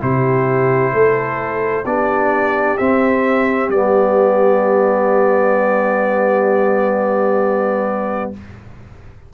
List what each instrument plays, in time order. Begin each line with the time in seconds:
0.00 tuba C3, trombone E4, horn G4, trumpet C5
0.93 tuba A3, horn A4
1.85 tuba B3, trombone D4, horn G4, trumpet D5
2.77 trombone C4, tuba C4, trumpet E5
3.69 tuba G3, trombone B3, trumpet D5